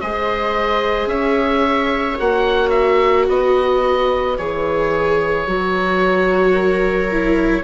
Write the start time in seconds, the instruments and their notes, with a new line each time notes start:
0.00 bassoon G#3, viola G#4 C5, oboe D#5
1.06 bassoon C#4, viola C#5, oboe E5
2.19 bassoon A#3, viola F#4, oboe F#5
2.70 oboe E5
3.26 bassoon B3, viola B4, oboe D#5
4.37 bassoon E3, viola G#4, oboe C#5
5.47 bassoon F#3, viola F#4
6.52 viola A#4
7.11 viola E4